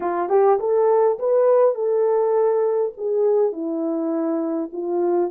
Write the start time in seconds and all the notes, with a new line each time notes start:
0.00 F4
0.29 G4
0.59 A4
1.18 B4
1.74 A4
2.97 G#4
3.52 E4
4.72 F4